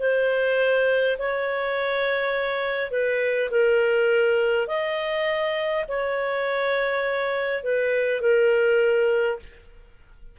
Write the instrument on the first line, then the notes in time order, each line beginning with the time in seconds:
clarinet
0.00 C5
1.19 C#5
2.91 B4
3.51 A#4
4.67 D#5
5.88 C#5
7.64 B4
8.21 A#4